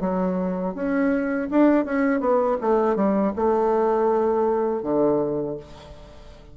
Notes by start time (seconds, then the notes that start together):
0.00 F#3
0.74 C#4
1.50 D4
1.85 C#4
2.20 B3
2.61 A3
2.96 G3
3.35 A3
4.82 D3